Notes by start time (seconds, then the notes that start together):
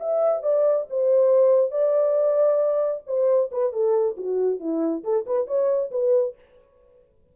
0.00 E5
0.43 D5
0.90 C5
1.71 D5
3.07 C5
3.52 B4
3.73 A4
4.17 F#4
4.60 E4
5.04 A4
5.27 B4
5.47 C#5
5.91 B4